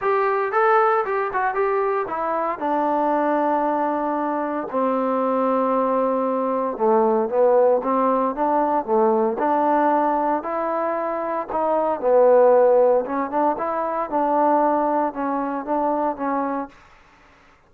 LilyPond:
\new Staff \with { instrumentName = "trombone" } { \time 4/4 \tempo 4 = 115 g'4 a'4 g'8 fis'8 g'4 | e'4 d'2.~ | d'4 c'2.~ | c'4 a4 b4 c'4 |
d'4 a4 d'2 | e'2 dis'4 b4~ | b4 cis'8 d'8 e'4 d'4~ | d'4 cis'4 d'4 cis'4 | }